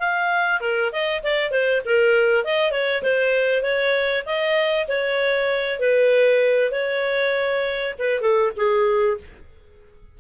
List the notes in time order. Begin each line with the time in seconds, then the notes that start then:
0.00 F5
0.61 A#4
0.92 D#5
1.24 D5
1.51 C5
1.85 A#4
2.44 D#5
2.72 C#5
3.03 C5
3.63 C#5
4.26 D#5
4.88 C#5
5.80 B4
6.72 C#5
7.99 B4
8.21 A4
8.57 G#4